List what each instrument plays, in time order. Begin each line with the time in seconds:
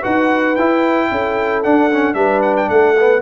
0.00 tuba D#4, trombone F#4, horn B4, trumpet F#5
0.56 tuba E4, trombone E4, trumpet G5
1.11 tuba C#4, horn A4
1.63 trombone D4, tuba D4, trumpet F#5
1.91 trombone C#4
2.14 tuba G3, trombone D4, horn B4, trumpet E5
2.42 trumpet F#5
2.56 trumpet G5
2.69 tuba A3, horn A4, trumpet F#5
2.99 trombone B3